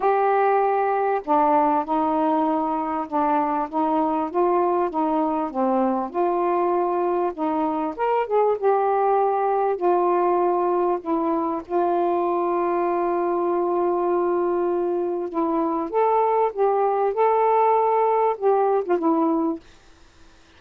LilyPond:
\new Staff \with { instrumentName = "saxophone" } { \time 4/4 \tempo 4 = 98 g'2 d'4 dis'4~ | dis'4 d'4 dis'4 f'4 | dis'4 c'4 f'2 | dis'4 ais'8 gis'8 g'2 |
f'2 e'4 f'4~ | f'1~ | f'4 e'4 a'4 g'4 | a'2 g'8. f'16 e'4 | }